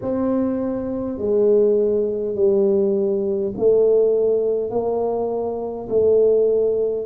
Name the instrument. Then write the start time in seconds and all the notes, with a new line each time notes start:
tuba
0.01 C4
1.18 G#3
2.35 G3
3.57 A3
4.70 A#3
5.89 A3